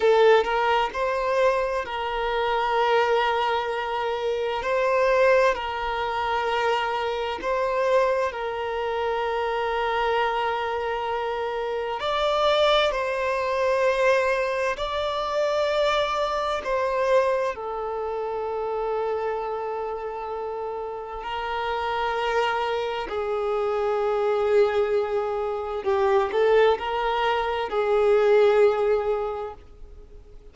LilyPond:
\new Staff \with { instrumentName = "violin" } { \time 4/4 \tempo 4 = 65 a'8 ais'8 c''4 ais'2~ | ais'4 c''4 ais'2 | c''4 ais'2.~ | ais'4 d''4 c''2 |
d''2 c''4 a'4~ | a'2. ais'4~ | ais'4 gis'2. | g'8 a'8 ais'4 gis'2 | }